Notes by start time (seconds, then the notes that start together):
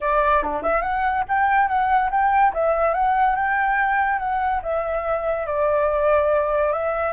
0.01 D5
0.42 D4
0.63 E5
0.82 F#5
1.28 G5
1.67 F#5
2.10 G5
2.53 E5
2.94 F#5
3.35 G5
4.18 F#5
4.62 E5
5.46 D5
6.72 E5